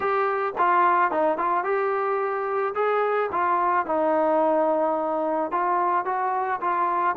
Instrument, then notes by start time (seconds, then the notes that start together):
trombone
0.00 G4
0.58 F4
1.11 D#4
1.37 F4
1.64 G4
2.74 G#4
3.32 F4
3.86 D#4
5.51 F4
6.05 F#4
6.60 F4